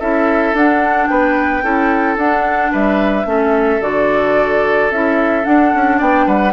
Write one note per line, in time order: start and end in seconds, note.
0.00 0.54 C#4
0.00 0.56 E4
0.00 1.09 A4
0.00 0.55 E5
0.54 1.08 D4
0.54 1.63 D4
0.54 1.08 F#5
1.08 1.63 B3
1.08 1.64 B4
1.08 2.17 G5
1.63 2.17 C#4
1.63 2.18 E4
1.63 2.72 A4
2.17 2.72 D4
2.17 3.26 D4
2.17 2.73 F#5
2.72 3.26 G3
2.72 3.26 B4
2.72 3.82 E5
3.26 3.80 A3
3.26 3.80 C#4
3.26 5.98 A4
3.81 4.91 D3
3.81 4.90 F#4
3.81 4.92 D5
4.91 5.45 C#4
4.91 5.44 E4
4.91 5.45 E5
5.44 6.53 D4
5.44 5.74 D4
5.44 6.00 F#5
5.75 6.01 C#4
5.98 6.27 B3
5.98 6.26 D5
5.98 6.28 G5
6.27 6.54 G3
6.27 6.54 B4
6.27 6.54 F#5